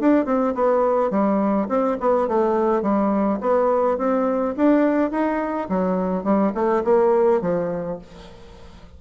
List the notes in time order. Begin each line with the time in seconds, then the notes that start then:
0.00 D4
0.26 C4
0.55 B3
1.11 G3
1.69 C4
2.01 B3
2.28 A3
2.82 G3
3.41 B3
3.98 C4
4.57 D4
5.11 D#4
5.69 F#3
6.24 G3
6.55 A3
6.84 A#3
7.42 F3